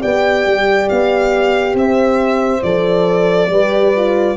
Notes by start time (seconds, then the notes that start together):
0.00 B3 G4 D5 G5
0.46 G3
0.88 B3 F5
1.74 C4 C5 E5
2.62 F3 A4 D5
3.49 G3 G4 B4
3.95 F4